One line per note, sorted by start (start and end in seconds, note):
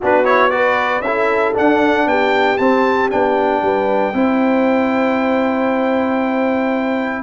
0.00 1.00 B3
0.00 0.24 D4
0.00 0.52 F#4
0.00 0.25 B4
0.24 0.50 E4
0.24 0.50 C#5
0.50 1.02 F#4
0.50 1.04 B4
0.50 1.01 D5
1.00 1.52 C#4
1.00 2.08 A4
1.00 1.53 E5
1.07 1.54 E4
1.54 2.57 D4
1.54 2.06 D4
1.54 2.07 F#5
2.06 2.57 B3
2.06 3.63 G4
2.06 2.57 G5
2.57 3.10 C4
2.57 3.11 C4
2.57 3.09 A5
3.10 3.62 B3
3.10 4.13 D4
3.10 7.23 G5
3.62 4.13 G3
3.62 4.14 B4
4.13 7.23 C4
4.13 7.23 E4
4.13 7.23 C5